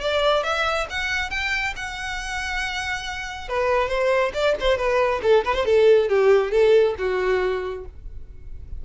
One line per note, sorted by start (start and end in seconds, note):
0.00 0.43 D5
0.43 0.87 E5
0.90 1.30 F#5
1.30 1.74 G5
1.76 3.48 F#5
3.48 3.88 B4
3.88 4.32 C5
4.33 4.55 D5
4.60 4.77 C5
4.77 5.21 B4
5.22 5.44 A4
5.44 5.54 B4
5.54 5.65 C5
5.65 6.09 A4
6.09 6.51 G4
6.51 6.94 A4
6.98 7.85 F#4